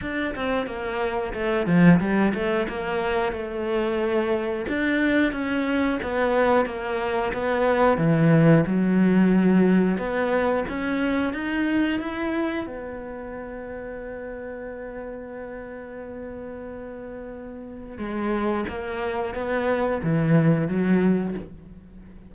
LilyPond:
\new Staff \with { instrumentName = "cello" } { \time 4/4 \tempo 4 = 90 d'8 c'8 ais4 a8 f8 g8 a8 | ais4 a2 d'4 | cis'4 b4 ais4 b4 | e4 fis2 b4 |
cis'4 dis'4 e'4 b4~ | b1~ | b2. gis4 | ais4 b4 e4 fis4 | }